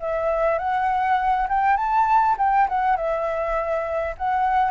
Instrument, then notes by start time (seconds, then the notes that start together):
flute
0.00 E5
0.59 F#5
1.49 G5
1.77 A5
2.38 G5
2.69 F#5
2.96 E5
4.17 F#5